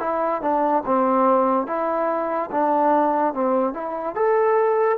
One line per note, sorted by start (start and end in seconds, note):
0.00 0.42 E4
0.42 0.83 D4
0.86 1.67 C4
1.67 2.50 E4
2.52 3.34 D4
3.34 3.74 C4
3.74 4.16 E4
4.16 4.98 A4